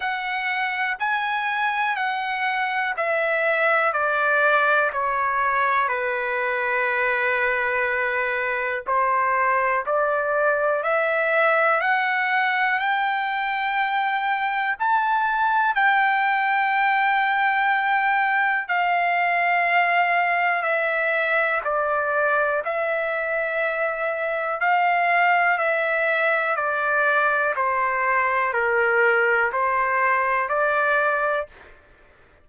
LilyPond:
\new Staff \with { instrumentName = "trumpet" } { \time 4/4 \tempo 4 = 61 fis''4 gis''4 fis''4 e''4 | d''4 cis''4 b'2~ | b'4 c''4 d''4 e''4 | fis''4 g''2 a''4 |
g''2. f''4~ | f''4 e''4 d''4 e''4~ | e''4 f''4 e''4 d''4 | c''4 ais'4 c''4 d''4 | }